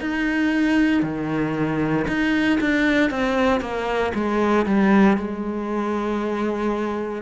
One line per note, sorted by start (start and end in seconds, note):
0.00 1.02 D#4
1.02 2.05 D#3
2.07 2.59 D#4
2.60 3.10 D4
3.10 3.61 C4
3.61 4.12 A#3
4.14 4.66 G#3
4.66 5.17 G3
5.17 7.22 G#3